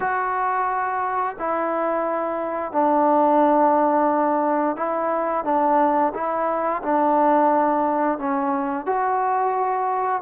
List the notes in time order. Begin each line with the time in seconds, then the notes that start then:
0.00 F#4
1.38 E4
2.71 D4
4.76 E4
5.44 D4
6.14 E4
6.82 D4
8.18 C#4
8.86 F#4